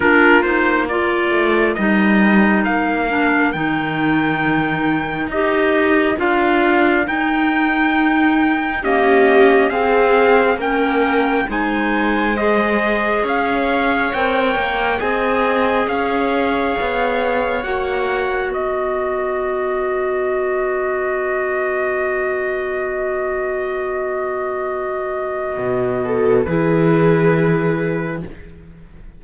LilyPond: <<
  \new Staff \with { instrumentName = "trumpet" } { \time 4/4 \tempo 4 = 68 ais'8 c''8 d''4 dis''4 f''4 | g''2 dis''4 f''4 | g''2 dis''4 f''4 | g''4 gis''4 dis''4 f''4 |
g''4 gis''4 f''2 | fis''4 dis''2.~ | dis''1~ | dis''2 b'2 | }
  \new Staff \with { instrumentName = "viola" } { \time 4/4 f'4 ais'2.~ | ais'1~ | ais'2 g'4 gis'4 | ais'4 c''2 cis''4~ |
cis''4 dis''4 cis''2~ | cis''4 b'2.~ | b'1~ | b'4. a'8 gis'2 | }
  \new Staff \with { instrumentName = "clarinet" } { \time 4/4 d'8 dis'8 f'4 dis'4. d'8 | dis'2 g'4 f'4 | dis'2 ais4 c'4 | cis'4 dis'4 gis'2 |
ais'4 gis'2. | fis'1~ | fis'1~ | fis'2 e'2 | }
  \new Staff \with { instrumentName = "cello" } { \time 4/4 ais4. a8 g4 ais4 | dis2 dis'4 d'4 | dis'2 cis'4 c'4 | ais4 gis2 cis'4 |
c'8 ais8 c'4 cis'4 b4 | ais4 b2.~ | b1~ | b4 b,4 e2 | }
>>